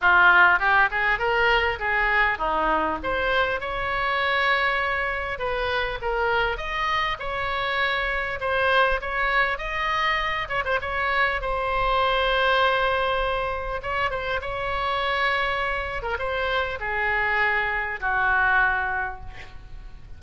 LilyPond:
\new Staff \with { instrumentName = "oboe" } { \time 4/4 \tempo 4 = 100 f'4 g'8 gis'8 ais'4 gis'4 | dis'4 c''4 cis''2~ | cis''4 b'4 ais'4 dis''4 | cis''2 c''4 cis''4 |
dis''4. cis''16 c''16 cis''4 c''4~ | c''2. cis''8 c''8 | cis''2~ cis''8. ais'16 c''4 | gis'2 fis'2 | }